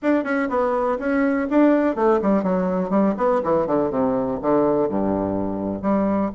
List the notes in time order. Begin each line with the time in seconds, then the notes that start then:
0.02 D4
0.24 C#4
0.49 B3
0.98 C#4
1.50 D4
1.95 A3
2.22 G3
2.43 F#3
2.89 G3
3.17 B3
3.43 E3
3.67 D3
3.90 C3
4.41 D3
4.88 G2
5.82 G3